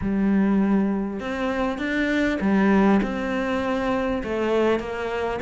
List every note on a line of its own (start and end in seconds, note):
0.01 1.20 G3
1.20 1.78 C4
1.78 2.38 D4
2.40 3.00 G3
3.02 4.22 C4
4.23 4.79 A3
4.79 5.39 A#3